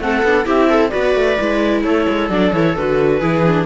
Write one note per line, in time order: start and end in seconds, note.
0.00 0.23 A3
0.00 0.25 C4
0.00 0.46 A4
0.00 0.47 F#5
0.23 0.46 B3
0.23 0.45 D4
0.45 0.92 C4
0.45 0.91 E4
0.45 0.69 G4
0.45 0.90 E5
0.70 0.91 A4
0.90 1.16 B3
0.90 1.37 F#4
0.90 1.83 B4
0.90 1.81 D5
1.16 1.39 A3
1.40 1.84 G#3
1.40 2.31 E4
1.84 2.07 A3
1.84 3.20 A4
1.84 2.30 C#5
2.09 2.30 G#3
2.30 2.52 F#3
2.30 2.54 D4
2.30 2.53 D5
2.53 2.76 E3
2.53 2.78 E4
2.53 2.76 C#5
2.77 3.22 D3
2.77 3.22 F#4
2.77 3.66 B4
3.20 3.66 E3
3.20 3.45 E4
3.20 3.66 G#4
3.47 3.66 D4